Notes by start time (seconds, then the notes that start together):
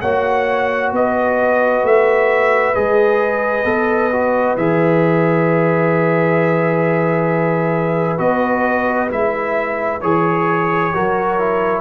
0.00 A#3 F#4 C#5 F#5
0.91 B3 B4 D#5
1.83 A3 E5
2.74 G#3 G#4 D#5
3.64 B3 A4
4.12 F#4
4.56 E3 G#4 E5
8.17 B3 F#4 D#5
9.09 G#3 E4 E5
10.01 E3 G#4 C#5
10.93 F#3 F#4 A#4
11.38 E4